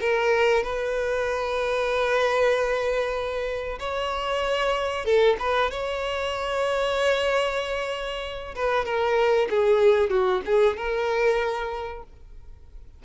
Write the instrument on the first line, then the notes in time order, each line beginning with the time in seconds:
violin
0.00 A#4
0.63 B4
3.79 C#5
5.05 A4
5.39 B4
5.70 C#5
8.55 B4
8.85 A#4
9.50 G#4
10.10 F#4
10.45 G#4
10.77 A#4